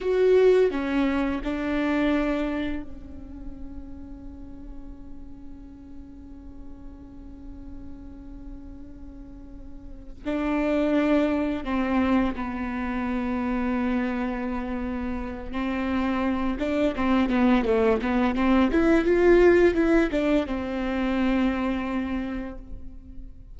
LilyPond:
\new Staff \with { instrumentName = "viola" } { \time 4/4 \tempo 4 = 85 fis'4 cis'4 d'2 | cis'1~ | cis'1~ | cis'2~ cis'8 d'4.~ |
d'8 c'4 b2~ b8~ | b2 c'4. d'8 | c'8 b8 a8 b8 c'8 e'8 f'4 | e'8 d'8 c'2. | }